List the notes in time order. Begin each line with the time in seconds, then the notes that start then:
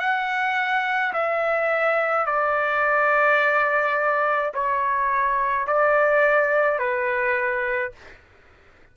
0.00 F#5
1.14 E5
2.26 D5
4.54 C#5
5.68 D5
6.79 B4